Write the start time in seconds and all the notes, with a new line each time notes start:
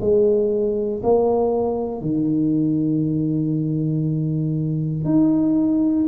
0.00 G#3
1.03 A#3
2.02 D#3
5.05 D#4